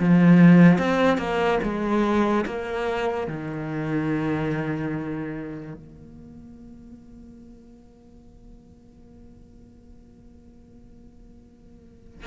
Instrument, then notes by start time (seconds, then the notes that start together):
cello
0.00 F3
0.79 C4
1.18 A#3
1.63 G#3
2.46 A#3
3.28 D#3
5.75 A#3